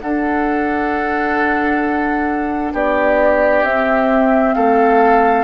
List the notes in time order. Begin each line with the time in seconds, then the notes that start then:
0.00 D4 A4 F#5
2.73 B3 G4 D5
3.63 C4 E5
4.53 A3 A4 F5